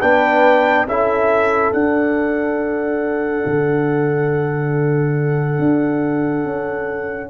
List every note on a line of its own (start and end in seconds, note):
0.00 0.86 B3
0.00 0.87 D4
0.00 0.86 B4
0.00 0.87 G5
0.86 1.72 C#4
0.86 1.74 E4
0.86 7.30 A4
0.86 1.73 E5
1.73 3.45 D4
1.73 7.30 D4
1.73 7.30 F#5
3.46 5.59 D3
5.59 6.44 D4
6.44 7.30 C#4